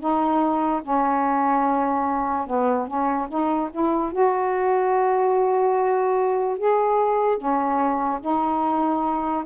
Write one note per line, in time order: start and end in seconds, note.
0.00 0.82 D#4
0.83 2.47 C#4
2.47 2.87 B3
2.87 3.28 C#4
3.29 3.70 D#4
3.71 4.12 E4
4.12 6.58 F#4
6.58 7.38 G#4
7.38 8.20 C#4
8.21 9.44 D#4